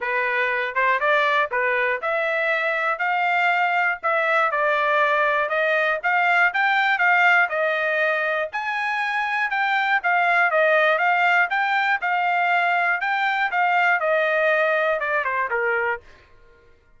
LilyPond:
\new Staff \with { instrumentName = "trumpet" } { \time 4/4 \tempo 4 = 120 b'4. c''8 d''4 b'4 | e''2 f''2 | e''4 d''2 dis''4 | f''4 g''4 f''4 dis''4~ |
dis''4 gis''2 g''4 | f''4 dis''4 f''4 g''4 | f''2 g''4 f''4 | dis''2 d''8 c''8 ais'4 | }